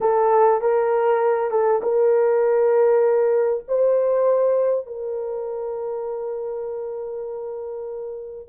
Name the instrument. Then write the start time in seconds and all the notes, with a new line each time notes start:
horn
0.00 A4
0.61 A#4
1.50 A4
1.82 A#4
3.68 C5
4.86 A#4